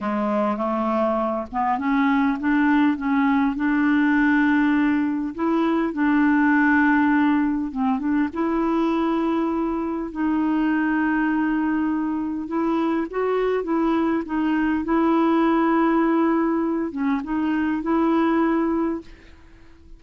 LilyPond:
\new Staff \with { instrumentName = "clarinet" } { \time 4/4 \tempo 4 = 101 gis4 a4. b8 cis'4 | d'4 cis'4 d'2~ | d'4 e'4 d'2~ | d'4 c'8 d'8 e'2~ |
e'4 dis'2.~ | dis'4 e'4 fis'4 e'4 | dis'4 e'2.~ | e'8 cis'8 dis'4 e'2 | }